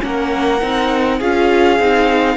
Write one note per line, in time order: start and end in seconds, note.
0.00 0.62 A#3
0.00 0.59 C#4
0.00 1.18 A#4
0.00 1.21 F#5
0.62 1.21 C4
0.62 1.21 D#4
1.18 1.80 C#4
1.18 1.80 F4
1.18 2.36 G#4
1.18 2.37 F5
1.80 2.37 C4
1.80 2.37 D#4